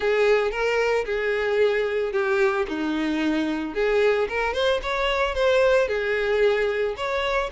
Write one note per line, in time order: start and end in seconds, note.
0.00 0.51 G#4
0.51 1.04 A#4
1.05 2.12 G#4
2.12 2.66 G4
2.68 3.74 D#4
3.74 4.28 G#4
4.28 4.53 A#4
4.53 4.80 C5
4.82 5.34 C#5
5.34 5.88 C5
5.88 6.95 G#4
6.96 7.50 C#5